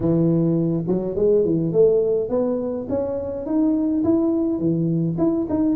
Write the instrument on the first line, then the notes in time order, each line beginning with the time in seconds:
tuba
0.00 E3
0.87 F#3
1.15 G#3
1.44 E3
1.72 A3
2.29 B3
2.89 C#4
3.46 D#4
4.04 E4
4.58 E3
5.18 E4
5.49 D#4